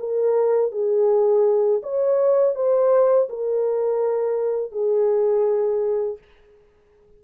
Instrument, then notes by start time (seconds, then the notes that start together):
horn
0.00 A#4
0.72 G#4
1.83 C#5
2.55 C5
3.30 A#4
4.72 G#4